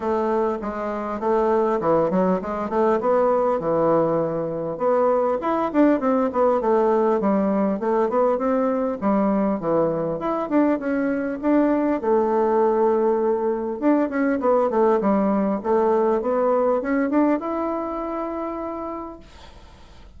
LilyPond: \new Staff \with { instrumentName = "bassoon" } { \time 4/4 \tempo 4 = 100 a4 gis4 a4 e8 fis8 | gis8 a8 b4 e2 | b4 e'8 d'8 c'8 b8 a4 | g4 a8 b8 c'4 g4 |
e4 e'8 d'8 cis'4 d'4 | a2. d'8 cis'8 | b8 a8 g4 a4 b4 | cis'8 d'8 e'2. | }